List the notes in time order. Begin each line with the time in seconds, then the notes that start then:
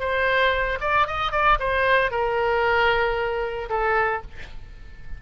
0.00 C5
0.81 D5
1.07 D#5
1.32 D5
1.59 C5
2.11 A#4
3.69 A4